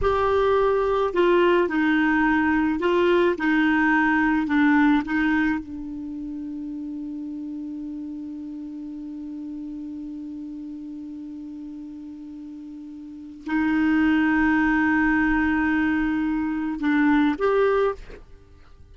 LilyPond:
\new Staff \with { instrumentName = "clarinet" } { \time 4/4 \tempo 4 = 107 g'2 f'4 dis'4~ | dis'4 f'4 dis'2 | d'4 dis'4 d'2~ | d'1~ |
d'1~ | d'1 | dis'1~ | dis'2 d'4 g'4 | }